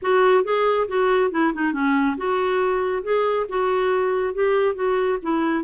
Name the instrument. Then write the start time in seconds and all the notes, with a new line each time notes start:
clarinet
0.02 F#4
0.43 G#4
0.88 F#4
1.31 E4
1.54 D#4
1.73 C#4
2.17 F#4
3.02 G#4
3.48 F#4
4.34 G4
4.75 F#4
5.22 E4